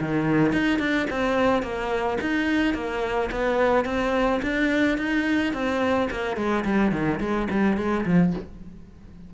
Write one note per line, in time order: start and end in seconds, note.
0.00 0.53 D#3
0.53 0.79 D#4
0.79 1.07 D4
1.10 1.62 C4
1.62 2.18 A#3
2.21 2.74 D#4
2.74 3.30 A#3
3.31 3.85 B3
3.85 4.40 C4
4.42 4.97 D4
4.98 5.53 D#4
5.53 6.09 C4
6.11 6.36 A#3
6.36 6.64 G#3
6.65 6.92 G3
6.92 7.19 D#3
7.20 7.48 G#3
7.50 7.77 G3
7.77 8.05 G#3
8.06 8.33 F3